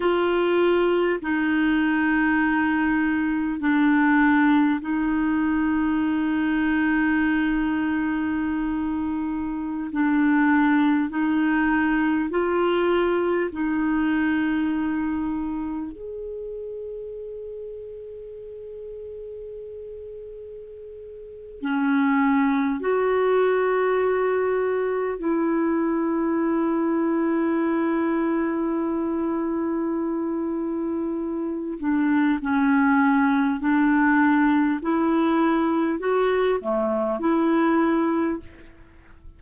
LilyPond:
\new Staff \with { instrumentName = "clarinet" } { \time 4/4 \tempo 4 = 50 f'4 dis'2 d'4 | dis'1~ | dis'16 d'4 dis'4 f'4 dis'8.~ | dis'4~ dis'16 gis'2~ gis'8.~ |
gis'2 cis'4 fis'4~ | fis'4 e'2.~ | e'2~ e'8 d'8 cis'4 | d'4 e'4 fis'8 a8 e'4 | }